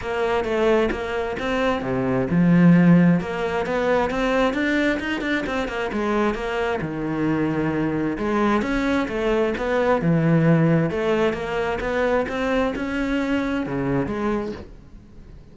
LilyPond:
\new Staff \with { instrumentName = "cello" } { \time 4/4 \tempo 4 = 132 ais4 a4 ais4 c'4 | c4 f2 ais4 | b4 c'4 d'4 dis'8 d'8 | c'8 ais8 gis4 ais4 dis4~ |
dis2 gis4 cis'4 | a4 b4 e2 | a4 ais4 b4 c'4 | cis'2 cis4 gis4 | }